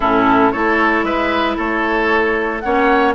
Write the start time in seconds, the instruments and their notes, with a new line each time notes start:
0.00 bassoon A2, clarinet C#4, oboe E4, flute A4
0.51 bassoon A3, clarinet E4, oboe A4, flute C#5
1.03 bassoon G#3, oboe B4, flute E5
1.56 bassoon A3, oboe A4, flute C#5
2.60 bassoon A#3, clarinet C#4, oboe C#5, flute F#5